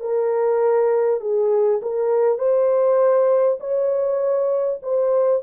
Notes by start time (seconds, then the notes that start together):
0.00 A#4
1.20 G#4
1.82 A#4
2.38 C5
3.60 C#5
4.82 C5